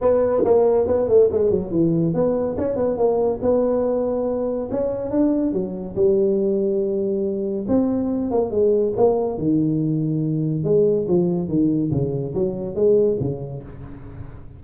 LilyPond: \new Staff \with { instrumentName = "tuba" } { \time 4/4 \tempo 4 = 141 b4 ais4 b8 a8 gis8 fis8 | e4 b4 cis'8 b8 ais4 | b2. cis'4 | d'4 fis4 g2~ |
g2 c'4. ais8 | gis4 ais4 dis2~ | dis4 gis4 f4 dis4 | cis4 fis4 gis4 cis4 | }